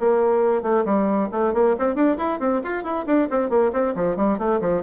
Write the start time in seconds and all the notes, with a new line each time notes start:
0.00 A#3
0.63 A3
0.85 G3
1.32 A3
1.54 A#3
1.79 C4
1.95 D4
2.18 E4
2.40 C4
2.64 F4
2.84 E4
3.07 D4
3.31 C4
3.50 A#3
3.73 C4
3.95 F3
4.17 G3
4.39 A3
4.61 F3